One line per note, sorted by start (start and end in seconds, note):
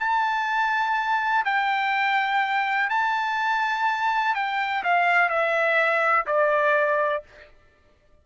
0.00 1.45 A5
1.45 2.90 G5
2.90 4.35 A5
4.35 4.83 G5
4.84 5.29 F5
5.29 6.26 E5
6.27 7.23 D5